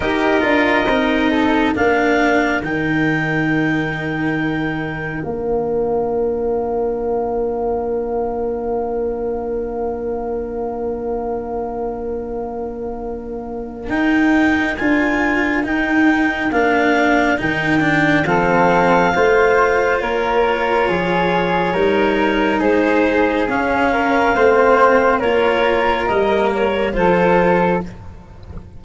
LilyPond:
<<
  \new Staff \with { instrumentName = "clarinet" } { \time 4/4 \tempo 4 = 69 dis''2 f''4 g''4~ | g''2 f''2~ | f''1~ | f''1 |
g''4 gis''4 g''4 f''4 | g''4 f''2 cis''4~ | cis''2 c''4 f''4~ | f''4 cis''4 dis''8 cis''8 c''4 | }
  \new Staff \with { instrumentName = "flute" } { \time 4/4 ais'4. a'8 ais'2~ | ais'1~ | ais'1~ | ais'1~ |
ais'1~ | ais'4 a'4 c''4 ais'4 | gis'4 ais'4 gis'4. ais'8 | c''4 ais'2 a'4 | }
  \new Staff \with { instrumentName = "cello" } { \time 4/4 g'8 f'8 dis'4 d'4 dis'4~ | dis'2 d'2~ | d'1~ | d'1 |
dis'4 f'4 dis'4 d'4 | dis'8 d'8 c'4 f'2~ | f'4 dis'2 cis'4 | c'4 f'4 ais4 f'4 | }
  \new Staff \with { instrumentName = "tuba" } { \time 4/4 dis'8 d'8 c'4 ais4 dis4~ | dis2 ais2~ | ais1~ | ais1 |
dis'4 d'4 dis'4 ais4 | dis4 f4 a4 ais4 | f4 g4 gis4 cis'4 | a4 ais4 g4 f4 | }
>>